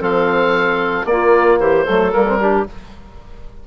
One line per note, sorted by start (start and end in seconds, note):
0.00 1.05 F3
0.00 1.05 C4
0.00 1.06 A4
0.00 1.06 F5
1.05 1.58 A#3
1.05 1.87 A#3
1.05 1.59 D5
1.12 1.60 F4
1.59 1.86 E3
1.59 1.84 G4
1.59 2.12 C5
1.84 2.14 F#3
1.84 2.13 A3
1.84 2.37 A4
2.12 2.67 G3
2.12 2.26 A#3
2.12 2.65 A#4
2.27 2.40 C4
2.40 2.67 D4
2.40 2.66 G4